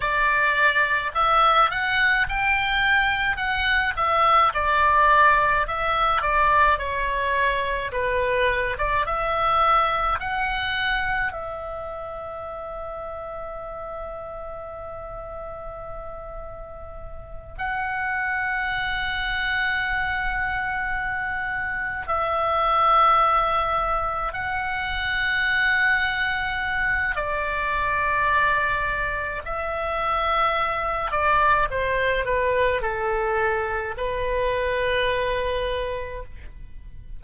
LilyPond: \new Staff \with { instrumentName = "oboe" } { \time 4/4 \tempo 4 = 53 d''4 e''8 fis''8 g''4 fis''8 e''8 | d''4 e''8 d''8 cis''4 b'8. d''16 | e''4 fis''4 e''2~ | e''2.~ e''8 fis''8~ |
fis''2.~ fis''8 e''8~ | e''4. fis''2~ fis''8 | d''2 e''4. d''8 | c''8 b'8 a'4 b'2 | }